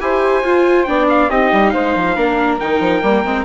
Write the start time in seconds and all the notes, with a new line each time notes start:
0.00 E4 G4 C5 G#5
0.43 F4
0.84 B3 D4 D5 G5
1.09 F5
1.29 C4 D#4 G4 D#5
1.52 G3
1.70 G#3 C5 F5
1.95 F3
2.15 A#3 D4 A#4
2.59 D#3 D#4 G5
2.80 F3
3.02 G3 A#3
3.25 G#3 C4